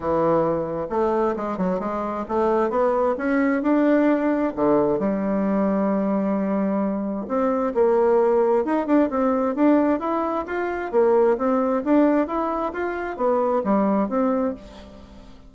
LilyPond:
\new Staff \with { instrumentName = "bassoon" } { \time 4/4 \tempo 4 = 132 e2 a4 gis8 fis8 | gis4 a4 b4 cis'4 | d'2 d4 g4~ | g1 |
c'4 ais2 dis'8 d'8 | c'4 d'4 e'4 f'4 | ais4 c'4 d'4 e'4 | f'4 b4 g4 c'4 | }